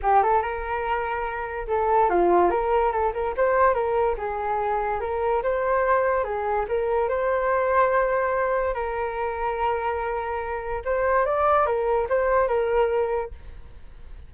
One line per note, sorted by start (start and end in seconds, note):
0.02 0.23 G4
0.23 0.41 A4
0.41 1.66 A#4
1.67 2.09 A4
2.09 2.50 F4
2.50 2.91 A#4
2.91 3.12 A4
3.13 3.34 A#4
3.37 3.73 C5
3.73 4.15 A#4
4.17 5.00 G#4
5.00 5.42 A#4
5.42 6.23 C5
6.23 6.65 G#4
6.68 7.08 A#4
7.08 8.74 C5
8.74 10.82 A#4
10.84 11.25 C5
11.25 11.66 D5
11.66 12.07 A#4
12.09 12.47 C5
12.47 13.31 A#4